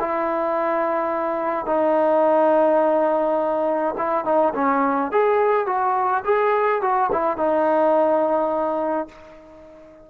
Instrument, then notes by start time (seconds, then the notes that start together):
trombone
0.00 E4
1.66 D#4
3.98 E4
4.25 D#4
4.55 C#4
5.12 G#4
5.67 F#4
6.25 G#4
6.82 F#4
7.12 E4
7.37 D#4